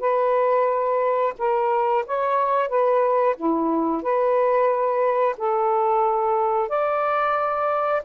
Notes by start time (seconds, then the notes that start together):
0.00 B4
1.38 A#4
2.06 C#5
2.69 B4
3.36 E4
4.02 B4
5.37 A4
6.69 D5